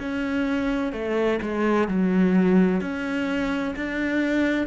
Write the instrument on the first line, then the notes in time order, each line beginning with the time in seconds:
cello
0.00 C#4
0.93 A3
1.42 G#3
1.88 F#3
2.81 C#4
3.76 D4